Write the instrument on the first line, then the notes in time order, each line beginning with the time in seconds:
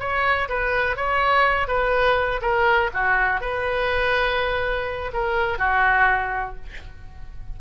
oboe
0.00 C#5
0.49 B4
0.97 C#5
1.68 B4
2.42 A#4
2.94 F#4
3.41 B4
5.14 A#4
5.59 F#4